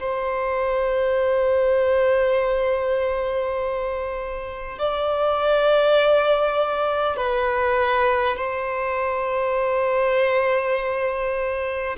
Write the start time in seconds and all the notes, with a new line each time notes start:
0.00 C5
4.79 D5
7.17 B4
8.37 C5